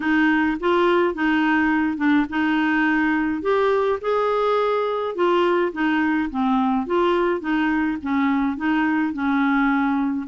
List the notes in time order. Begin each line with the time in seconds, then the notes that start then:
0.00 D#4
0.60 F4
1.14 D#4
1.97 D4
2.29 D#4
3.42 G4
4.01 G#4
5.15 F4
5.72 D#4
6.30 C4
6.86 F4
7.40 D#4
8.02 C#4
8.56 D#4
9.13 C#4